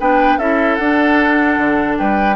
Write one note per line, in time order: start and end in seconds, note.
0.00 0.38 B3
0.00 0.40 D4
0.00 0.39 B4
0.00 0.39 G5
0.38 0.78 C#4
0.38 0.80 E4
0.38 1.99 A4
0.38 0.76 E5
0.76 1.58 D4
0.76 1.96 F#5
0.83 2.36 D4
1.58 1.98 D3
1.99 2.36 G3
1.99 2.36 B4
1.99 2.36 G5